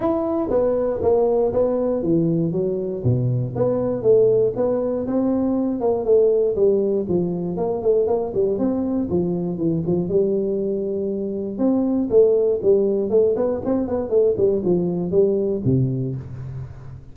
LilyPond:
\new Staff \with { instrumentName = "tuba" } { \time 4/4 \tempo 4 = 119 e'4 b4 ais4 b4 | e4 fis4 b,4 b4 | a4 b4 c'4. ais8 | a4 g4 f4 ais8 a8 |
ais8 g8 c'4 f4 e8 f8 | g2. c'4 | a4 g4 a8 b8 c'8 b8 | a8 g8 f4 g4 c4 | }